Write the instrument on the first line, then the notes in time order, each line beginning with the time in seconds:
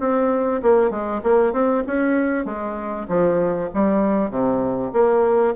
bassoon
0.00 C4
0.62 A#3
0.90 G#3
1.23 A#3
1.53 C4
1.87 C#4
2.45 G#3
3.08 F3
3.74 G3
4.30 C3
4.93 A#3